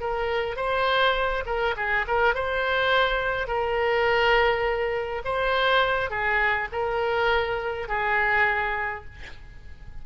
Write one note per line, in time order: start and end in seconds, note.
0.00 0.56 A#4
0.56 1.44 C5
1.46 1.75 A#4
1.77 2.06 G#4
2.07 2.35 A#4
2.35 3.47 C5
3.47 5.22 A#4
5.25 6.10 C5
6.10 6.68 G#4
6.72 7.88 A#4
7.88 9.05 G#4